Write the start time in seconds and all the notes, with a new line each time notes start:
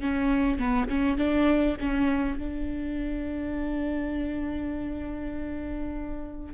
0.00 C#4
0.58 B3
0.89 C#4
1.17 D4
1.79 C#4
2.38 D4